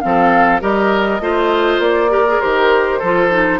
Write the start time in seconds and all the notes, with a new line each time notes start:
0.00 F3 C4 A4 F5
0.60 G3 G4 A#4 D#5
1.20 A3 F4 C5
1.79 A#3 D5
2.09 G4 A#4
2.27 G#4
2.40 D#3 G4 C5
2.99 F3 F4 A4
3.31 D#4